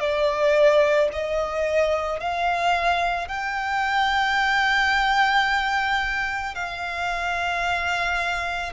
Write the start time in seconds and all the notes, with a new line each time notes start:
0.00 D5
1.13 D#5
2.20 F5
3.28 G5
6.55 F5